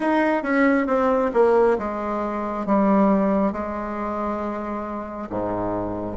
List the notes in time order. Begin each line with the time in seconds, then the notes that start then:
0.00 D#4
0.42 C#4
0.87 C4
1.33 A#3
1.78 G#3
2.66 G3
3.52 G#3
5.29 G#2